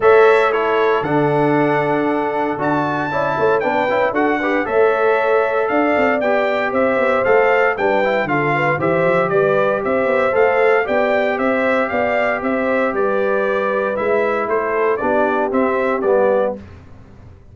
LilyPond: <<
  \new Staff \with { instrumentName = "trumpet" } { \time 4/4 \tempo 4 = 116 e''4 cis''4 fis''2~ | fis''4 a''2 g''4 | fis''4 e''2 f''4 | g''4 e''4 f''4 g''4 |
f''4 e''4 d''4 e''4 | f''4 g''4 e''4 f''4 | e''4 d''2 e''4 | c''4 d''4 e''4 d''4 | }
  \new Staff \with { instrumentName = "horn" } { \time 4/4 cis''4 a'2.~ | a'2 d''8 cis''8 b'4 | a'8 b'8 cis''2 d''4~ | d''4 c''2 b'4 |
a'8 b'8 c''4 b'4 c''4~ | c''4 d''4 c''4 d''4 | c''4 b'2. | a'4 g'2. | }
  \new Staff \with { instrumentName = "trombone" } { \time 4/4 a'4 e'4 d'2~ | d'4 fis'4 e'4 d'8 e'8 | fis'8 g'8 a'2. | g'2 a'4 d'8 e'8 |
f'4 g'2. | a'4 g'2.~ | g'2. e'4~ | e'4 d'4 c'4 b4 | }
  \new Staff \with { instrumentName = "tuba" } { \time 4/4 a2 d2~ | d4 d'4 cis'8 a8 b8 cis'8 | d'4 a2 d'8 c'8 | b4 c'8 b8 a4 g4 |
d4 e8 f8 g4 c'8 b8 | a4 b4 c'4 b4 | c'4 g2 gis4 | a4 b4 c'4 g4 | }
>>